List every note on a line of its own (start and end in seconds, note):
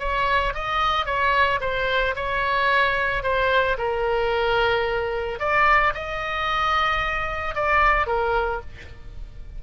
0.00 0.54 C#5
0.55 1.06 D#5
1.06 1.60 C#5
1.61 2.15 C5
2.16 3.24 C#5
3.24 3.78 C5
3.79 5.40 A#4
5.40 5.94 D5
5.95 7.56 D#5
7.56 8.07 D5
8.07 8.61 A#4